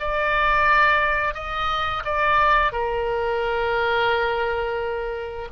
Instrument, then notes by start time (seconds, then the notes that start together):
oboe
0.00 D5
1.34 D#5
2.05 D5
2.73 A#4